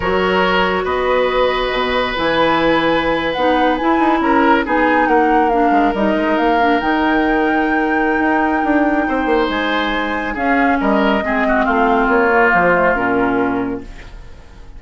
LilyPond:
<<
  \new Staff \with { instrumentName = "flute" } { \time 4/4 \tempo 4 = 139 cis''2 dis''2~ | dis''4 gis''2~ gis''8. fis''16~ | fis''8. gis''4 ais''4 gis''4 fis''16~ | fis''8. f''4 dis''4 f''4 g''16~ |
g''1~ | g''2 gis''2 | f''4 dis''2 f''4 | cis''4 c''4 ais'2 | }
  \new Staff \with { instrumentName = "oboe" } { \time 4/4 ais'2 b'2~ | b'1~ | b'4.~ b'16 ais'4 gis'4 ais'16~ | ais'1~ |
ais'1~ | ais'4 c''2. | gis'4 ais'4 gis'8 fis'8 f'4~ | f'1 | }
  \new Staff \with { instrumentName = "clarinet" } { \time 4/4 fis'1~ | fis'4 e'2~ e'8. dis'16~ | dis'8. e'2 dis'4~ dis'16~ | dis'8. d'4 dis'4. d'8 dis'16~ |
dis'1~ | dis'1 | cis'2 c'2~ | c'8 ais4 a8 cis'2 | }
  \new Staff \with { instrumentName = "bassoon" } { \time 4/4 fis2 b2 | b,4 e2~ e8. b16~ | b8. e'8 dis'8 cis'4 b4 ais16~ | ais4~ ais16 gis8 g8 gis8 ais4 dis16~ |
dis2. dis'4 | d'4 c'8 ais8 gis2 | cis'4 g4 gis4 a4 | ais4 f4 ais,2 | }
>>